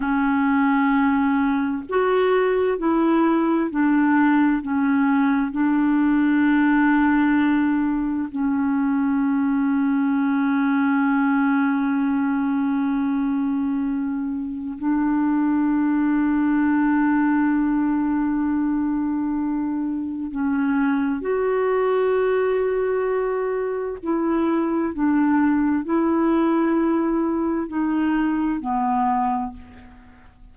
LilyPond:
\new Staff \with { instrumentName = "clarinet" } { \time 4/4 \tempo 4 = 65 cis'2 fis'4 e'4 | d'4 cis'4 d'2~ | d'4 cis'2.~ | cis'1 |
d'1~ | d'2 cis'4 fis'4~ | fis'2 e'4 d'4 | e'2 dis'4 b4 | }